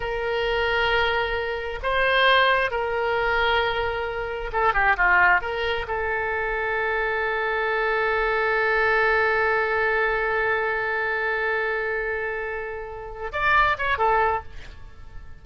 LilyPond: \new Staff \with { instrumentName = "oboe" } { \time 4/4 \tempo 4 = 133 ais'1 | c''2 ais'2~ | ais'2 a'8 g'8 f'4 | ais'4 a'2.~ |
a'1~ | a'1~ | a'1~ | a'4. d''4 cis''8 a'4 | }